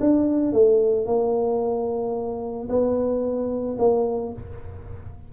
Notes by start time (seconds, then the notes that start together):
0.00 D4
0.53 A3
1.06 A#3
2.69 B3
3.78 A#3